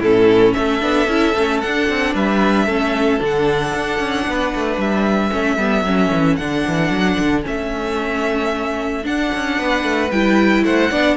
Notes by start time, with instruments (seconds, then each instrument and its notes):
0.00 cello A2, viola C#4, violin E4 A4
0.54 cello A3, violin A4 E5
0.81 cello B3, viola D4
1.08 cello C#4, viola E4
1.37 cello A3, viola C#4
1.62 cello D4, viola D4, violin F#5
1.90 cello C4
2.14 cello G3, violin B4 E5
2.66 cello A3, viola C#4, violin A4
3.20 cello D3, viola D4, violin F#5
3.75 cello D4
4.00 cello C#4
4.28 cello B3, violin B4
4.55 cello A3
4.78 cello G3, violin E5
5.31 cello A3, viola C#4, violin A4
5.58 cello G3, viola B3
5.84 cello F#3, viola C#4
6.13 cello E3
6.37 cello D3, viola D4, violin F#5
6.68 cello E3
6.91 cello F#3
7.19 cello D3
7.43 cello A3, viola C#4, violin E5
9.04 viola D4, cello D4, violin F#5
9.35 cello C#4
9.58 cello B3, violin B4
9.84 cello A3
10.11 cello G3, viola E4, violin G5
10.64 cello A3, violin C5 F#5
10.91 cello B3, viola D4, violin D5